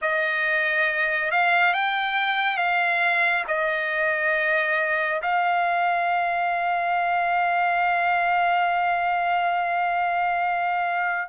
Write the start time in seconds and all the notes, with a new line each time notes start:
0.01 D#5
1.31 F5
1.73 G5
2.57 F5
3.47 D#5
5.22 F5